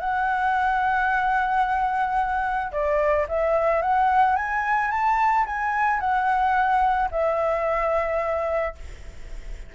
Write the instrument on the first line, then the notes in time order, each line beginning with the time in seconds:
flute
0.00 F#5
2.72 D5
3.29 E5
3.82 F#5
4.36 G#5
4.91 A5
5.46 G#5
6.00 F#5
7.11 E5